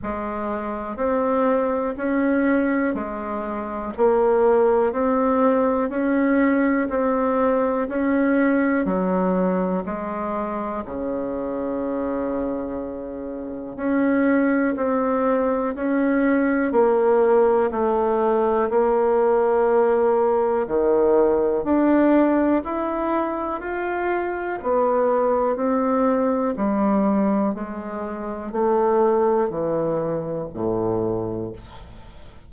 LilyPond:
\new Staff \with { instrumentName = "bassoon" } { \time 4/4 \tempo 4 = 61 gis4 c'4 cis'4 gis4 | ais4 c'4 cis'4 c'4 | cis'4 fis4 gis4 cis4~ | cis2 cis'4 c'4 |
cis'4 ais4 a4 ais4~ | ais4 dis4 d'4 e'4 | f'4 b4 c'4 g4 | gis4 a4 e4 a,4 | }